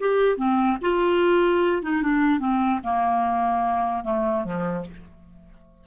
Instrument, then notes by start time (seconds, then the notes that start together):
clarinet
0.00 G4
0.37 C4
0.81 F4
1.83 D#4
2.02 D4
2.40 C4
2.84 A#3
4.04 A3
4.44 F3